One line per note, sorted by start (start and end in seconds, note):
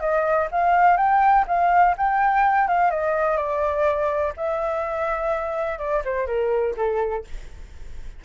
0.00 0.48 D#5
0.51 0.97 F5
0.97 1.45 G5
1.47 1.95 F5
1.97 2.68 G5
2.68 2.91 F5
2.91 3.37 D#5
3.37 4.33 D5
4.37 5.79 E5
5.79 6.03 D5
6.05 6.27 C5
6.27 6.75 A#4
6.77 7.25 A4